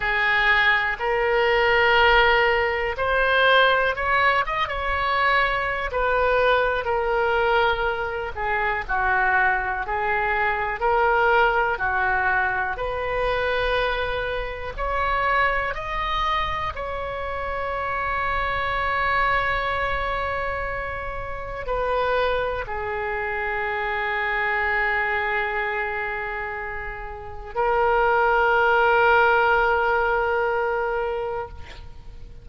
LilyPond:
\new Staff \with { instrumentName = "oboe" } { \time 4/4 \tempo 4 = 61 gis'4 ais'2 c''4 | cis''8 dis''16 cis''4~ cis''16 b'4 ais'4~ | ais'8 gis'8 fis'4 gis'4 ais'4 | fis'4 b'2 cis''4 |
dis''4 cis''2.~ | cis''2 b'4 gis'4~ | gis'1 | ais'1 | }